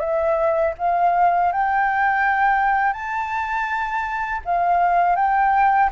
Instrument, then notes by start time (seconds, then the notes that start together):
flute
0.00 E5
0.78 F5
1.53 G5
2.93 A5
4.45 F5
5.16 G5